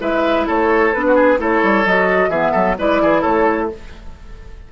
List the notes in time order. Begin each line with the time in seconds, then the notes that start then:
0.00 G#3 E4 B4 E5
0.47 A3 A4 C#5
0.94 B3 D4 B4
1.07 F#4
1.16 G#4
1.38 A3 E4 A4 C#5
1.63 G3
1.86 F#3 F#4 D#5
2.29 E3 B3 G#4 E5
2.52 F#3 A4
2.78 G#3 E4 B4 D5
3.02 E3 G#4
3.22 A3 A4 C#5